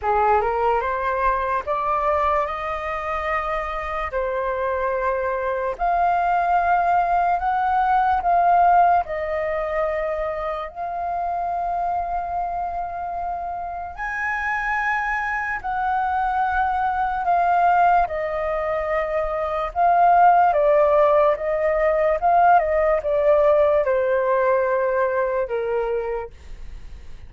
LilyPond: \new Staff \with { instrumentName = "flute" } { \time 4/4 \tempo 4 = 73 gis'8 ais'8 c''4 d''4 dis''4~ | dis''4 c''2 f''4~ | f''4 fis''4 f''4 dis''4~ | dis''4 f''2.~ |
f''4 gis''2 fis''4~ | fis''4 f''4 dis''2 | f''4 d''4 dis''4 f''8 dis''8 | d''4 c''2 ais'4 | }